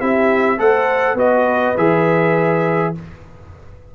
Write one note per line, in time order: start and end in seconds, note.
0.00 0.58 C4
0.00 0.57 E4
0.00 0.59 G4
0.00 0.59 E5
0.57 1.14 A3
0.57 1.16 A4
0.57 1.17 C5
0.57 1.18 F#5
1.14 1.73 B3
1.14 1.76 F#4
1.14 2.94 B4
1.14 1.77 D#5
1.77 2.95 E3
1.77 2.95 G#4
1.77 2.95 E5